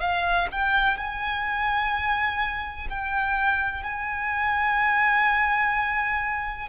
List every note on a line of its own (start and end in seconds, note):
0.00 0.48 F5
0.52 0.97 G5
0.97 2.88 G#5
2.90 3.83 G5
3.83 6.69 G#5